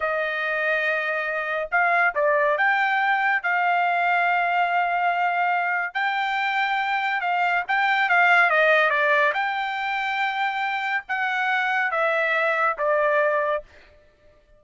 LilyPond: \new Staff \with { instrumentName = "trumpet" } { \time 4/4 \tempo 4 = 141 dis''1 | f''4 d''4 g''2 | f''1~ | f''2 g''2~ |
g''4 f''4 g''4 f''4 | dis''4 d''4 g''2~ | g''2 fis''2 | e''2 d''2 | }